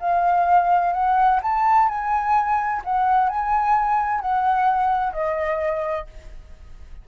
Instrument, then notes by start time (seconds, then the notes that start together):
flute
0.00 F5
0.93 F#5
1.42 A5
1.89 G#5
2.84 F#5
3.30 G#5
4.21 F#5
5.13 D#5